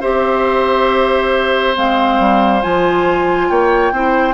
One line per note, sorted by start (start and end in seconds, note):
0.00 1.76 C4
0.00 1.74 G4
0.00 3.48 C5
0.00 1.75 E5
1.74 2.19 G#3
1.74 2.61 C4
1.74 2.62 F5
2.19 2.62 G3
2.62 3.49 F3
2.62 3.92 F4
2.62 3.49 G#5
3.49 3.91 A#3
3.49 3.92 C#5
3.49 4.33 G5
3.91 4.33 C4
3.91 4.33 E4
3.91 4.33 C5